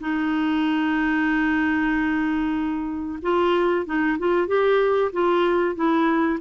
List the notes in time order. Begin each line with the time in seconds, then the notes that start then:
0.00 D#4
3.22 F4
3.86 D#4
4.19 F4
4.47 G4
5.12 F4
5.75 E4